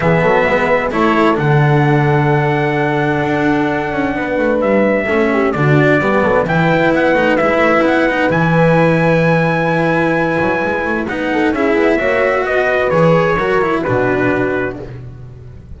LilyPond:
<<
  \new Staff \with { instrumentName = "trumpet" } { \time 4/4 \tempo 4 = 130 e''2 cis''4 fis''4~ | fis''1~ | fis''2 e''2 | d''2 g''4 fis''4 |
e''4 fis''4 gis''2~ | gis''1 | fis''4 e''2 dis''4 | cis''2 b'2 | }
  \new Staff \with { instrumentName = "horn" } { \time 4/4 gis'8 a'8 b'4 a'2~ | a'1~ | a'4 b'2 a'8 g'8 | fis'4 g'8 a'8 b'2~ |
b'1~ | b'1~ | b'8 a'8 gis'4 cis''4 b'4~ | b'4 ais'4 fis'2 | }
  \new Staff \with { instrumentName = "cello" } { \time 4/4 b2 e'4 d'4~ | d'1~ | d'2. cis'4 | d'4 b4 e'4. dis'8 |
e'4. dis'8 e'2~ | e'1 | dis'4 e'4 fis'2 | gis'4 fis'8 e'8 d'2 | }
  \new Staff \with { instrumentName = "double bass" } { \time 4/4 e8 fis8 gis4 a4 d4~ | d2. d'4~ | d'8 cis'8 b8 a8 g4 a4 | d4 g8 fis8 e4 b8 a8 |
gis8 a8 b4 e2~ | e2~ e8 fis8 gis8 a8 | b4 cis'8 b8 ais4 b4 | e4 fis4 b,2 | }
>>